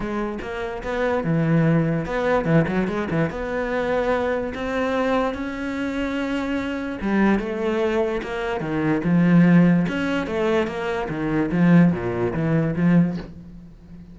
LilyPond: \new Staff \with { instrumentName = "cello" } { \time 4/4 \tempo 4 = 146 gis4 ais4 b4 e4~ | e4 b4 e8 fis8 gis8 e8 | b2. c'4~ | c'4 cis'2.~ |
cis'4 g4 a2 | ais4 dis4 f2 | cis'4 a4 ais4 dis4 | f4 ais,4 e4 f4 | }